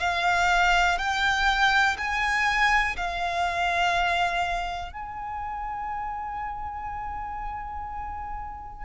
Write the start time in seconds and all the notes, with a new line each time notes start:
0.00 F5
0.98 G5
1.98 G#5
2.97 F5
4.93 G#5